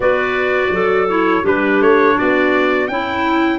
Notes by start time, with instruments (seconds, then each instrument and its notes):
0.00 tuba B3, clarinet F#4 B4, trumpet D5
0.69 tuba F#3, clarinet A4
1.08 clarinet E4, trumpet C#5
1.42 tuba G3, clarinet D4 G4, trumpet B4
1.80 tuba A3, trumpet C#5
2.17 tuba B3, clarinet F#4, trumpet D5
2.87 tuba C#4, clarinet E4, trumpet G5